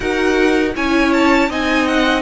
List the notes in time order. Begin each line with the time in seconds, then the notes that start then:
0.00 D#4 F#4 A#4 F#5
0.74 C#4 E4 C#5 G#5
1.13 A5
1.48 C4 D#4 D#5 G#5
1.87 F#5